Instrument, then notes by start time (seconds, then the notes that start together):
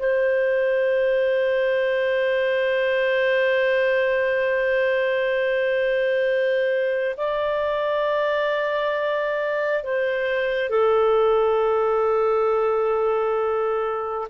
clarinet
0.00 C5
7.17 D5
9.83 C5
10.70 A4